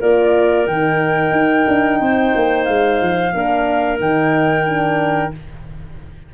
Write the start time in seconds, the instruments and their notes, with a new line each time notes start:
0.00 tuba A#3, horn F4, clarinet A#4, flute D5
0.66 tuba D#3, horn D#4, flute G5
1.31 tuba D#4
1.67 tuba D4
2.00 tuba C4, clarinet C5
2.35 tuba A#3
2.64 tuba G#3, flute F5
3.01 tuba F3
3.34 tuba A#3, horn D4, clarinet A#4
3.99 tuba D#3, horn D#4, flute G5
4.65 horn D4